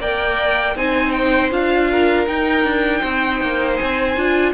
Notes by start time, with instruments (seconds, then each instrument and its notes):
0.00 cello A#3, viola A#4, violin D5 G5
0.75 cello C4, viola D#4, violin C5 G#5
1.11 violin G5
1.50 cello D4, viola F4, violin F5
1.90 violin A#4
2.27 cello D#4, viola D#4, violin G5
2.64 cello D4
3.00 cello C4, violin C5
3.41 cello A#3
3.76 cello C4, violin G#5
4.16 cello D4, viola F4